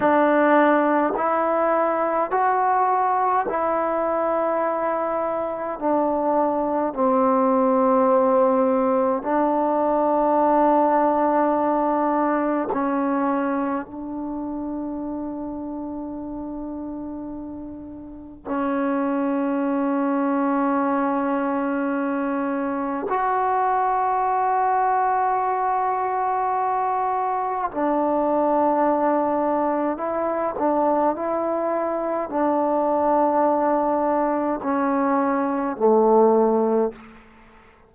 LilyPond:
\new Staff \with { instrumentName = "trombone" } { \time 4/4 \tempo 4 = 52 d'4 e'4 fis'4 e'4~ | e'4 d'4 c'2 | d'2. cis'4 | d'1 |
cis'1 | fis'1 | d'2 e'8 d'8 e'4 | d'2 cis'4 a4 | }